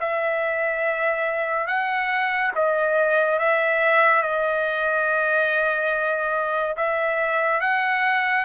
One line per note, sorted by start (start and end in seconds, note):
0.00 1.67 E5
1.67 2.51 F#5
2.55 3.39 D#5
3.39 4.22 E5
4.22 6.76 D#5
6.76 7.61 E5
7.61 8.44 F#5